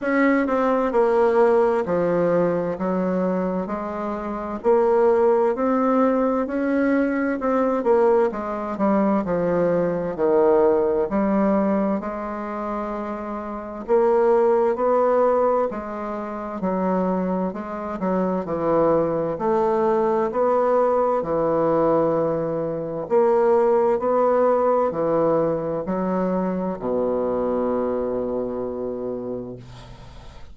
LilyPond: \new Staff \with { instrumentName = "bassoon" } { \time 4/4 \tempo 4 = 65 cis'8 c'8 ais4 f4 fis4 | gis4 ais4 c'4 cis'4 | c'8 ais8 gis8 g8 f4 dis4 | g4 gis2 ais4 |
b4 gis4 fis4 gis8 fis8 | e4 a4 b4 e4~ | e4 ais4 b4 e4 | fis4 b,2. | }